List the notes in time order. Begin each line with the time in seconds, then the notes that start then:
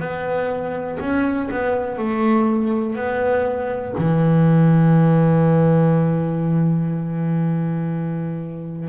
0.00 B3
1.00 C#4
1.52 B3
1.99 A3
2.96 B3
3.98 E3